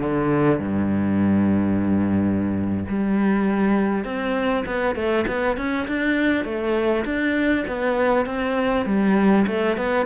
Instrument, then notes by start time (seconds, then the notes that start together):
cello
0.00 D3
0.59 G2
2.89 G3
4.05 C4
4.66 B3
4.95 A3
5.27 B3
5.57 C#4
5.88 D4
6.44 A3
7.05 D4
7.67 B3
8.26 C4
8.86 G3
9.47 A3
9.77 B3